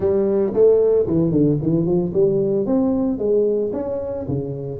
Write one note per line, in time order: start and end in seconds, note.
0.00 0.53 G3
0.53 1.06 A3
1.06 1.31 E3
1.31 1.57 D3
1.62 1.86 E3
1.86 2.12 F3
2.13 2.65 G3
2.65 3.18 C4
3.18 3.71 G#3
3.73 4.26 C#4
4.27 4.80 C#3